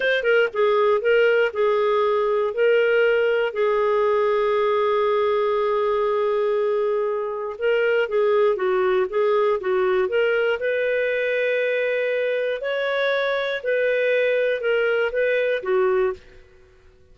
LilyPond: \new Staff \with { instrumentName = "clarinet" } { \time 4/4 \tempo 4 = 119 c''8 ais'8 gis'4 ais'4 gis'4~ | gis'4 ais'2 gis'4~ | gis'1~ | gis'2. ais'4 |
gis'4 fis'4 gis'4 fis'4 | ais'4 b'2.~ | b'4 cis''2 b'4~ | b'4 ais'4 b'4 fis'4 | }